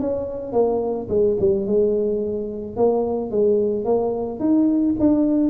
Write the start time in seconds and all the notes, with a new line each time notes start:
0.00 C#4
0.53 A#3
1.09 G#3
1.40 G3
1.67 G#3
2.76 A#3
3.31 G#3
3.85 A#3
4.40 D#4
5.00 D4